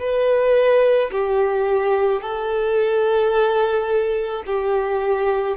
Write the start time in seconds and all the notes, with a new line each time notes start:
0.00 B4
1.12 G4
2.21 A4
4.46 G4